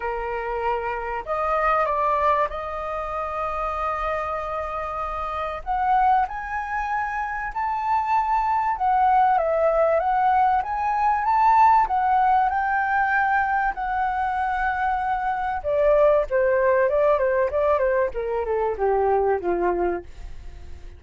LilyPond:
\new Staff \with { instrumentName = "flute" } { \time 4/4 \tempo 4 = 96 ais'2 dis''4 d''4 | dis''1~ | dis''4 fis''4 gis''2 | a''2 fis''4 e''4 |
fis''4 gis''4 a''4 fis''4 | g''2 fis''2~ | fis''4 d''4 c''4 d''8 c''8 | d''8 c''8 ais'8 a'8 g'4 f'4 | }